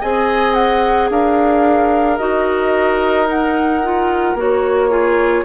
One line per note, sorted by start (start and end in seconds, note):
0.00 1.10 C4
0.00 2.19 G#4
0.00 1.09 D#5
0.00 0.54 G#5
0.54 1.08 F#5
1.10 2.19 D4
1.10 4.89 A#4
1.10 2.17 F5
2.17 4.34 D#4
2.17 3.25 F#4
2.17 3.27 D#5
3.25 3.80 D#4
3.25 4.37 F#5
3.82 4.37 F4
4.34 5.43 A#3
4.34 4.89 F#4
4.34 5.45 C#5
4.89 5.44 F4
4.89 5.44 G#4